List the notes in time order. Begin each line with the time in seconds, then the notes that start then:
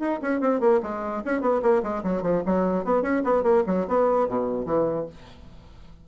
0.00 D#4
0.22 C#4
0.41 C4
0.60 A#3
0.83 G#3
1.25 C#4
1.41 B3
1.63 A#3
1.83 G#3
2.04 F#3
2.23 F3
2.46 F#3
2.85 B3
3.03 C#4
3.25 B3
3.43 A#3
3.67 F#3
3.88 B3
4.29 B2
4.66 E3